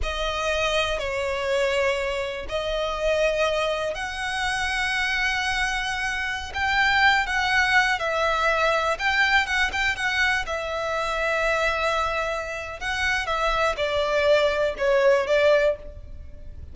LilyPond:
\new Staff \with { instrumentName = "violin" } { \time 4/4 \tempo 4 = 122 dis''2 cis''2~ | cis''4 dis''2. | fis''1~ | fis''4~ fis''16 g''4. fis''4~ fis''16~ |
fis''16 e''2 g''4 fis''8 g''16~ | g''16 fis''4 e''2~ e''8.~ | e''2 fis''4 e''4 | d''2 cis''4 d''4 | }